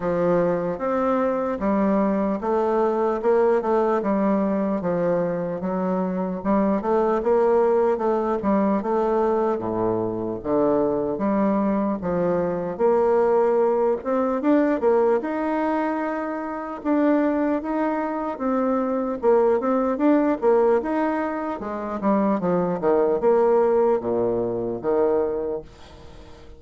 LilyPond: \new Staff \with { instrumentName = "bassoon" } { \time 4/4 \tempo 4 = 75 f4 c'4 g4 a4 | ais8 a8 g4 f4 fis4 | g8 a8 ais4 a8 g8 a4 | a,4 d4 g4 f4 |
ais4. c'8 d'8 ais8 dis'4~ | dis'4 d'4 dis'4 c'4 | ais8 c'8 d'8 ais8 dis'4 gis8 g8 | f8 dis8 ais4 ais,4 dis4 | }